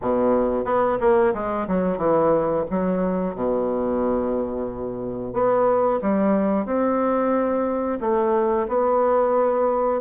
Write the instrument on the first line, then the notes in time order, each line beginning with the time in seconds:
bassoon
0.01 B2
0.65 B3
1.00 A#3
1.34 G#3
1.67 F#3
1.97 E3
2.70 F#3
3.35 B2
5.33 B3
6.01 G3
6.65 C4
8.00 A3
8.68 B3